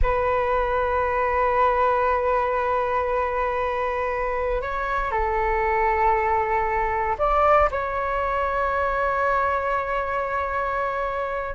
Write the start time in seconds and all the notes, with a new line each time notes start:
0.02 B4
4.61 C#5
5.11 A4
7.18 D5
7.71 C#5